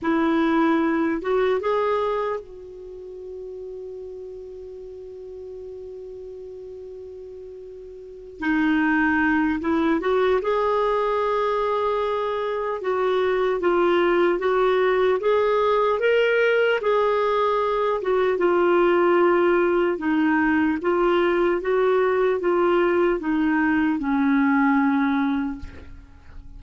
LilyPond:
\new Staff \with { instrumentName = "clarinet" } { \time 4/4 \tempo 4 = 75 e'4. fis'8 gis'4 fis'4~ | fis'1~ | fis'2~ fis'8 dis'4. | e'8 fis'8 gis'2. |
fis'4 f'4 fis'4 gis'4 | ais'4 gis'4. fis'8 f'4~ | f'4 dis'4 f'4 fis'4 | f'4 dis'4 cis'2 | }